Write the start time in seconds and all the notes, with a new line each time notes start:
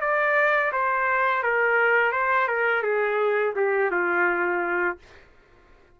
0.00 D5
0.72 C5
1.43 A#4
2.12 C5
2.47 A#4
2.82 G#4
3.56 G4
3.91 F4